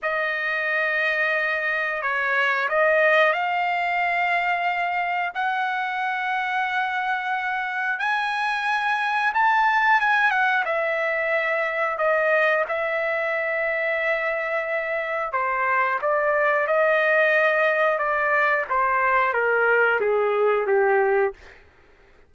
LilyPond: \new Staff \with { instrumentName = "trumpet" } { \time 4/4 \tempo 4 = 90 dis''2. cis''4 | dis''4 f''2. | fis''1 | gis''2 a''4 gis''8 fis''8 |
e''2 dis''4 e''4~ | e''2. c''4 | d''4 dis''2 d''4 | c''4 ais'4 gis'4 g'4 | }